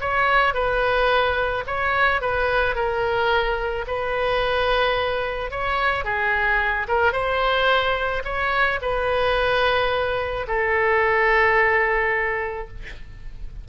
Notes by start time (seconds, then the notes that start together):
0.00 C#5
0.54 B4
1.67 C#5
2.21 B4
2.75 A#4
3.87 B4
5.50 C#5
6.04 G#4
6.88 A#4
7.12 C5
8.24 C#5
8.81 B4
10.47 A4